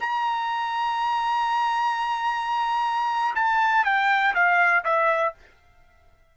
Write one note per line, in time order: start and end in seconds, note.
0.00 3.35 A#5
3.35 3.84 A5
3.84 4.34 G5
4.34 4.84 F5
4.84 5.34 E5